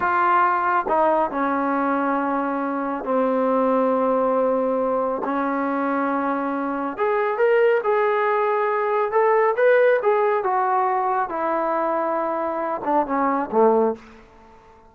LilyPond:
\new Staff \with { instrumentName = "trombone" } { \time 4/4 \tempo 4 = 138 f'2 dis'4 cis'4~ | cis'2. c'4~ | c'1 | cis'1 |
gis'4 ais'4 gis'2~ | gis'4 a'4 b'4 gis'4 | fis'2 e'2~ | e'4. d'8 cis'4 a4 | }